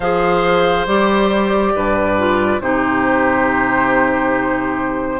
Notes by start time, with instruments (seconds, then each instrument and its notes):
0.00 bassoon F3, clarinet G#4, oboe C5, flute F5
0.86 bassoon G3, clarinet G4, flute D5
1.75 bassoon G2, oboe B4
2.18 clarinet F4
2.60 bassoon C3, clarinet D#4, oboe G4, flute C5